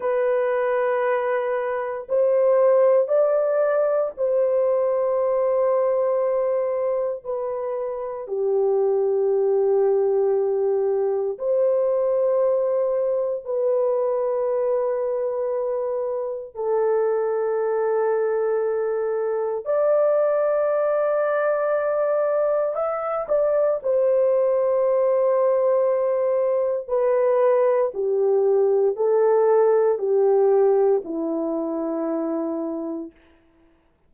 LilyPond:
\new Staff \with { instrumentName = "horn" } { \time 4/4 \tempo 4 = 58 b'2 c''4 d''4 | c''2. b'4 | g'2. c''4~ | c''4 b'2. |
a'2. d''4~ | d''2 e''8 d''8 c''4~ | c''2 b'4 g'4 | a'4 g'4 e'2 | }